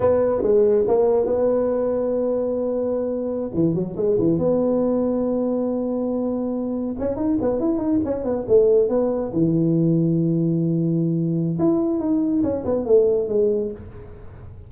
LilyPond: \new Staff \with { instrumentName = "tuba" } { \time 4/4 \tempo 4 = 140 b4 gis4 ais4 b4~ | b1~ | b16 e8 fis8 gis8 e8 b4.~ b16~ | b1~ |
b16 cis'8 dis'8 b8 e'8 dis'8 cis'8 b8 a16~ | a8. b4 e2~ e16~ | e2. e'4 | dis'4 cis'8 b8 a4 gis4 | }